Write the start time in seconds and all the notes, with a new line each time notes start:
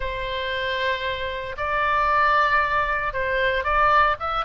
0.00 C5
1.57 D5
3.13 C5
3.64 D5
4.19 E5